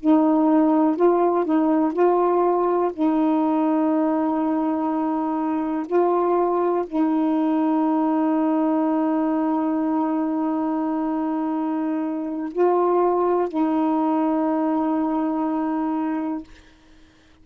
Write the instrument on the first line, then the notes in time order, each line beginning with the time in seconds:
saxophone
0.00 D#4
0.96 F4
1.45 D#4
1.93 F4
2.93 D#4
5.87 F4
6.86 D#4
12.52 F4
13.48 D#4